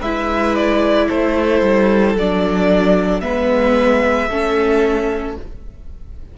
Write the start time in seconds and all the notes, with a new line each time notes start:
0.00 G#3 E4 B4 E5
0.56 D5
1.08 A3 A4 C5
1.61 G3
2.15 F#3 D4 D5
3.21 G#3 B3 B4 E5
4.29 A3 C#4 A4